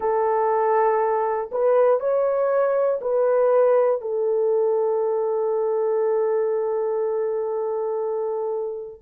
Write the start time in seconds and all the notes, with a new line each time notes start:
0.00 A4
1.51 B4
2.00 C#5
3.01 B4
4.01 A4